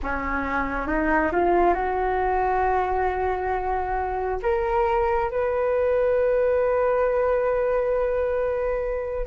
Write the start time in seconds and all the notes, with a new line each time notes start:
0.02 C#4
0.87 D#4
1.32 F4
1.74 F#4
4.42 A#4
5.30 B4